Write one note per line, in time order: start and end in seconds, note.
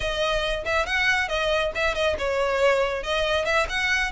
0.00 0.64 D#5
0.64 0.86 E5
0.86 1.28 F#5
1.28 1.72 D#5
1.75 1.94 E5
1.94 2.16 D#5
2.18 3.03 C#5
3.03 3.45 D#5
3.45 3.66 E5
3.69 4.11 F#5